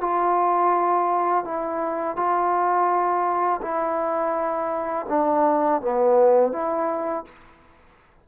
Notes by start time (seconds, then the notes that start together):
0.00 F4
1.44 E4
2.16 F4
3.61 E4
5.09 D4
5.81 B3
6.52 E4